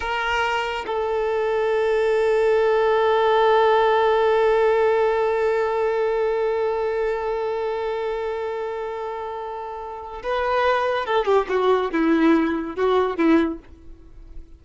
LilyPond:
\new Staff \with { instrumentName = "violin" } { \time 4/4 \tempo 4 = 141 ais'2 a'2~ | a'1~ | a'1~ | a'1~ |
a'1~ | a'1 | b'2 a'8 g'8 fis'4 | e'2 fis'4 e'4 | }